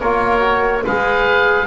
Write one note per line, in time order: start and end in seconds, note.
0.00 0.85 A#3
0.00 0.40 F4
0.00 0.83 A#4
0.00 0.84 C#5
0.40 0.82 F#4
0.85 1.67 G#3
0.85 1.67 G#4
0.85 1.67 B4
0.85 1.67 F5